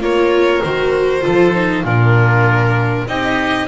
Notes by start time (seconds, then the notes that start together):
0.00 A#3 F4 A#4 C#5
0.62 D#3 F#4 C5
1.21 F3 F4 A4
1.54 D#4
1.84 A#2 D4 F4 A#4
3.07 C4 D#4 G4 D#5